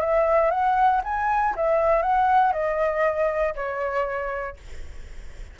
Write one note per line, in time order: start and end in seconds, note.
0.00 0.50 E5
0.50 1.01 F#5
1.03 1.54 G#5
1.55 2.02 E5
2.02 2.52 F#5
2.52 3.54 D#5
3.54 4.56 C#5